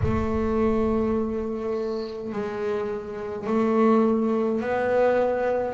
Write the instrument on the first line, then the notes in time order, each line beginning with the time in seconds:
double bass
0.03 A3
2.32 G#3
3.46 A3
4.60 B3